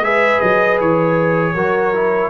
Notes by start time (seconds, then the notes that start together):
0.00 G#3 G#4 B4 E5
0.40 F#3 D#5
0.80 E3 C#5
1.54 F#3 F#4 A#4
1.94 E4